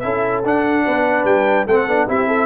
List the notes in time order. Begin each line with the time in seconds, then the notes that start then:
0.00 C#4 E4 A4 E5
0.45 D4 F#5
0.85 B3 B4
1.24 G3 G5
1.67 A3 C4 A4 F#5
1.87 B3 D4
2.08 C4 E4 G4 E5
2.28 A4